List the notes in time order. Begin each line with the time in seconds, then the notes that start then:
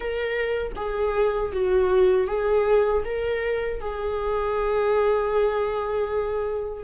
0.00 A#4
0.76 G#4
1.52 F#4
2.27 G#4
3.04 A#4
3.80 G#4